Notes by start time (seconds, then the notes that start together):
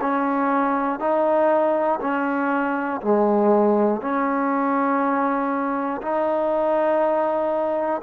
0.00 C#4
1.00 D#4
2.00 C#4
3.01 G#3
4.01 C#4
6.01 D#4